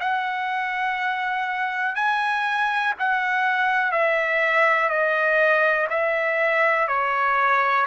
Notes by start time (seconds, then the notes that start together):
0.00 F#5
1.95 G#5
3.00 F#5
3.92 E5
4.90 D#5
5.90 E5
6.88 C#5